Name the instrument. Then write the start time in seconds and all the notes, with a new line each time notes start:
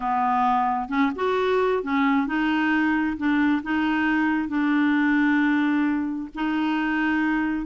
clarinet
0.00 B3
0.88 C#4
1.15 F#4
1.83 C#4
2.26 D#4
3.17 D4
3.62 D#4
4.48 D4
6.35 D#4